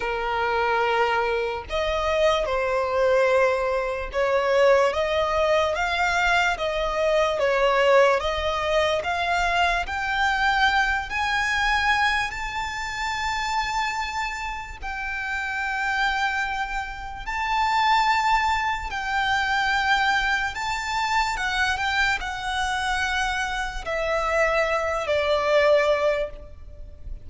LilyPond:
\new Staff \with { instrumentName = "violin" } { \time 4/4 \tempo 4 = 73 ais'2 dis''4 c''4~ | c''4 cis''4 dis''4 f''4 | dis''4 cis''4 dis''4 f''4 | g''4. gis''4. a''4~ |
a''2 g''2~ | g''4 a''2 g''4~ | g''4 a''4 fis''8 g''8 fis''4~ | fis''4 e''4. d''4. | }